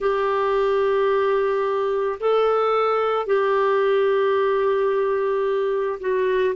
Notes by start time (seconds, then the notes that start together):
0.00 G4
2.20 A4
3.26 G4
6.00 F#4